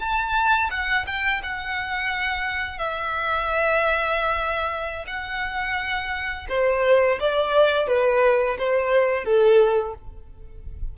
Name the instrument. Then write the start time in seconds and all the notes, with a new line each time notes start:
violin
0.00 A5
0.71 F#5
1.07 G5
1.43 F#5
2.78 E5
5.07 F#5
6.49 C5
7.20 D5
7.87 B4
8.58 C5
9.25 A4